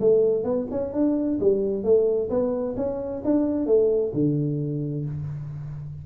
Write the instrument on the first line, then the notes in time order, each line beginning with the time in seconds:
tuba
0.00 A3
0.44 B3
0.71 C#4
0.93 D4
1.40 G3
1.83 A3
2.29 B3
2.76 C#4
3.24 D4
3.66 A3
4.13 D3